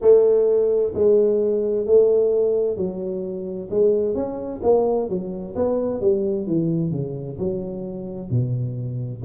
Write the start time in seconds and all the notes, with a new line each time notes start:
0.01 A3
0.94 G#3
1.85 A3
2.77 F#3
3.70 G#3
4.15 C#4
4.62 A#3
5.09 F#3
5.55 B3
6.00 G3
6.46 E3
6.91 C#3
7.38 F#3
8.30 B2